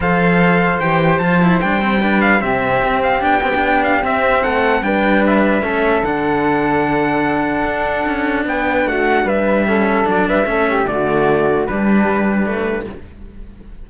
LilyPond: <<
  \new Staff \with { instrumentName = "trumpet" } { \time 4/4 \tempo 4 = 149 f''2 g''4 a''4 | g''4. f''8 e''4. f''8 | g''4. f''8 e''4 fis''4 | g''4 e''2 fis''4~ |
fis''1~ | fis''4 g''4 fis''4 e''4~ | e''4 d''8 e''4. d''4~ | d''4 b'2. | }
  \new Staff \with { instrumentName = "flute" } { \time 4/4 c''1~ | c''4 b'4 g'2~ | g'2. a'4 | b'2 a'2~ |
a'1~ | a'4 b'4 fis'4 b'4 | a'4. b'8 a'8 g'8 fis'4~ | fis'4 d'2. | }
  \new Staff \with { instrumentName = "cello" } { \time 4/4 a'2 g'4 f'8 e'8 | d'8 c'8 d'4 c'2 | d'8 c'16 d'4~ d'16 c'2 | d'2 cis'4 d'4~ |
d'1~ | d'1 | cis'4 d'4 cis'4 a4~ | a4 g2 a4 | }
  \new Staff \with { instrumentName = "cello" } { \time 4/4 f2 e4 f4 | g2 c4 c'4 | b2 c'4 a4 | g2 a4 d4~ |
d2. d'4 | cis'4 b4 a4 g4~ | g4 fis8 g8 a4 d4~ | d4 g2. | }
>>